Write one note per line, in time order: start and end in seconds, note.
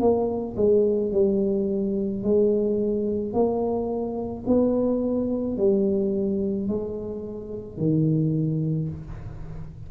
0.00 0.56 A#3
0.57 1.12 G#3
1.12 2.23 G3
2.23 3.33 G#3
3.33 4.44 A#3
4.46 5.57 B3
5.57 6.68 G3
6.68 7.78 G#3
7.78 8.89 D#3